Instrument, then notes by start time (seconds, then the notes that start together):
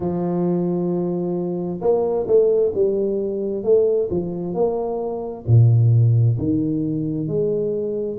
tuba
0.00 F3
1.81 A#3
2.27 A3
2.74 G3
3.63 A3
4.10 F3
4.53 A#3
5.46 A#2
6.38 D#3
7.27 G#3